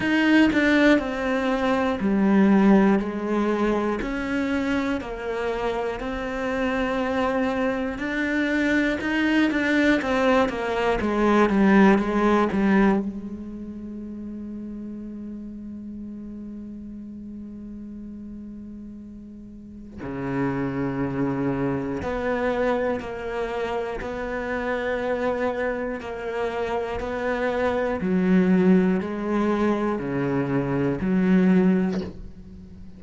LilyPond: \new Staff \with { instrumentName = "cello" } { \time 4/4 \tempo 4 = 60 dis'8 d'8 c'4 g4 gis4 | cis'4 ais4 c'2 | d'4 dis'8 d'8 c'8 ais8 gis8 g8 | gis8 g8 gis2.~ |
gis1 | cis2 b4 ais4 | b2 ais4 b4 | fis4 gis4 cis4 fis4 | }